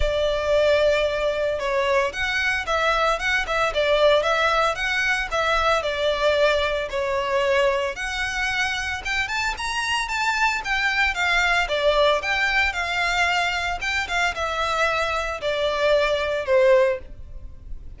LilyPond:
\new Staff \with { instrumentName = "violin" } { \time 4/4 \tempo 4 = 113 d''2. cis''4 | fis''4 e''4 fis''8 e''8 d''4 | e''4 fis''4 e''4 d''4~ | d''4 cis''2 fis''4~ |
fis''4 g''8 a''8 ais''4 a''4 | g''4 f''4 d''4 g''4 | f''2 g''8 f''8 e''4~ | e''4 d''2 c''4 | }